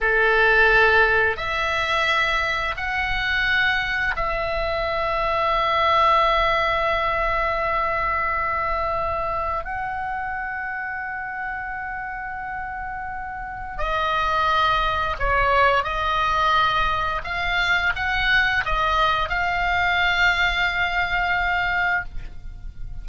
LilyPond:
\new Staff \with { instrumentName = "oboe" } { \time 4/4 \tempo 4 = 87 a'2 e''2 | fis''2 e''2~ | e''1~ | e''2 fis''2~ |
fis''1 | dis''2 cis''4 dis''4~ | dis''4 f''4 fis''4 dis''4 | f''1 | }